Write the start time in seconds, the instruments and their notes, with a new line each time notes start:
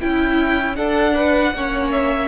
0.00 cello C#4, viola E4, violin E4 G5
0.75 viola D4, cello D4, violin A4 F#5
1.14 violin B4
1.53 cello A#3, viola C#4, violin C#5
1.91 violin E5